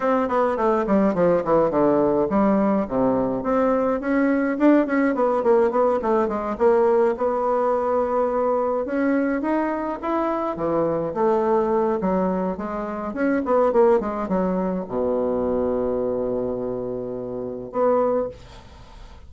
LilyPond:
\new Staff \with { instrumentName = "bassoon" } { \time 4/4 \tempo 4 = 105 c'8 b8 a8 g8 f8 e8 d4 | g4 c4 c'4 cis'4 | d'8 cis'8 b8 ais8 b8 a8 gis8 ais8~ | ais8 b2. cis'8~ |
cis'8 dis'4 e'4 e4 a8~ | a4 fis4 gis4 cis'8 b8 | ais8 gis8 fis4 b,2~ | b,2. b4 | }